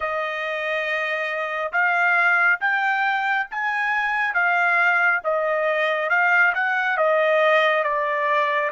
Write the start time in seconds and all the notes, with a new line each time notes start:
0.00 D#5
1.72 F5
2.60 G5
3.51 G#5
4.34 F5
5.24 D#5
6.09 F5
6.54 F#5
6.97 D#5
7.83 D5